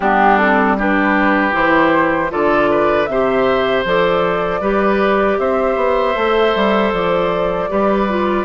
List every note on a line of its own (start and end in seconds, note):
0.00 1.53 G3
0.00 0.40 B3
0.00 0.76 D4
0.00 0.37 G4
0.37 0.78 C4
0.37 0.75 A4
0.78 1.51 D4
0.78 2.31 G4
0.78 1.54 B4
1.51 2.31 E3
1.51 2.28 E4
1.51 2.31 C5
2.29 3.07 D3
2.29 3.06 F4
2.29 2.70 A4
2.29 3.06 D5
2.70 3.09 B4
3.06 3.84 C3
3.06 3.86 G4
3.06 4.60 C5
3.06 3.83 E5
3.84 4.60 F3
3.84 4.61 A4
3.84 5.38 D5
4.60 5.37 G3
4.60 6.15 G4
4.60 5.37 B4
5.38 5.76 C4
5.38 7.70 C5
5.38 6.92 E5
5.76 6.14 B3
6.15 6.53 A3
6.15 7.69 A4
6.55 6.92 G3
6.92 7.69 F3
6.92 8.45 D5
7.69 8.45 G3
7.69 8.07 G4
7.69 8.45 B4
8.08 8.45 F4